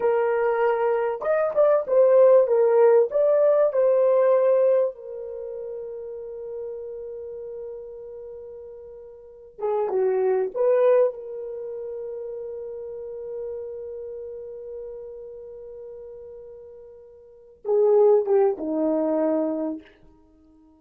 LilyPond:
\new Staff \with { instrumentName = "horn" } { \time 4/4 \tempo 4 = 97 ais'2 dis''8 d''8 c''4 | ais'4 d''4 c''2 | ais'1~ | ais'2.~ ais'8 gis'8 |
fis'4 b'4 ais'2~ | ais'1~ | ais'1~ | ais'8 gis'4 g'8 dis'2 | }